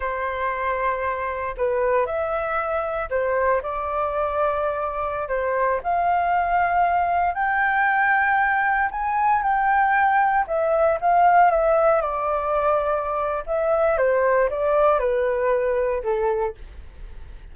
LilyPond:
\new Staff \with { instrumentName = "flute" } { \time 4/4 \tempo 4 = 116 c''2. b'4 | e''2 c''4 d''4~ | d''2~ d''16 c''4 f''8.~ | f''2~ f''16 g''4.~ g''16~ |
g''4~ g''16 gis''4 g''4.~ g''16~ | g''16 e''4 f''4 e''4 d''8.~ | d''2 e''4 c''4 | d''4 b'2 a'4 | }